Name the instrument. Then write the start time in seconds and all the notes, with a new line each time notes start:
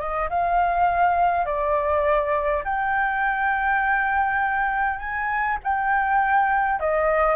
flute
0.00 D#5
0.30 F5
1.46 D5
2.64 G5
4.99 G#5
5.64 G5
6.80 D#5